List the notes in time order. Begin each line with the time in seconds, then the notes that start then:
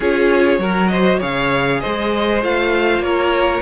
0.00 C#4 F4 G#4 C#5
0.58 F#3 F#4 A#4
0.87 C5 D#5
1.19 C#3 G#4 C#5 F5
1.80 G#3 C5 D#5
2.42 A3 F4 F5
2.99 A#3 A#4 C#5